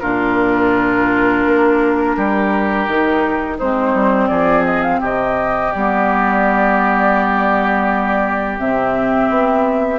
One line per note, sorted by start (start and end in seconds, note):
0.00 1.46 A#2
0.00 2.87 D4
0.00 2.16 F4
0.00 3.57 A#4
1.46 2.17 A#3
2.17 2.87 G3
2.17 3.58 G4
2.87 3.59 D#3
2.87 3.60 D#4
3.58 3.94 G#3
3.58 5.74 C4
3.58 4.29 D#4
3.58 4.28 C5
3.94 4.29 G3
4.28 5.01 F3
4.28 5.00 G#4
4.28 4.63 D5
4.65 4.82 D#5
4.82 5.00 F5
5.00 5.73 C3
5.00 9.99 G4
5.00 5.72 D#5
5.72 8.59 G3
5.72 8.59 B3
5.72 8.58 D5
8.59 9.29 C3
8.59 9.99 C4
8.59 9.99 E5
9.29 9.99 B3